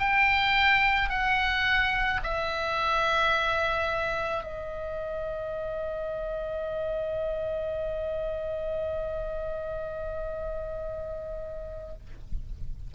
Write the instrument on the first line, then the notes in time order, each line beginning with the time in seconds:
oboe
0.00 G5
1.10 F#5
2.24 E5
4.44 D#5